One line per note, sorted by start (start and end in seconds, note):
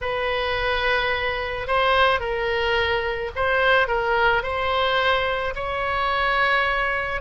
0.01 1.67 B4
1.67 2.20 C5
2.20 3.31 A#4
3.35 3.87 C5
3.87 4.43 A#4
4.43 5.54 C5
5.55 7.21 C#5